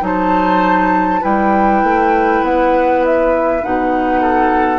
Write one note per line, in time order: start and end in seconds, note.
0.00 1.21 F#3
0.00 1.20 D#4
0.00 1.21 C5
0.00 1.24 A5
1.20 1.83 G3
1.20 3.60 E4
1.20 4.21 B4
1.20 2.44 G5
1.83 2.42 A3
2.42 3.62 B3
2.42 3.04 F#5
3.04 3.64 E5
3.62 4.78 B2
3.62 4.78 D#4
3.62 4.78 F#5
4.21 4.78 A4